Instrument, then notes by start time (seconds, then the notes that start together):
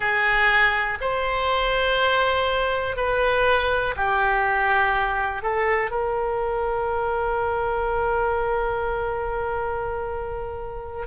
oboe
0.00 G#4
1.01 C5
2.96 B4
3.96 G4
5.42 A4
5.91 A#4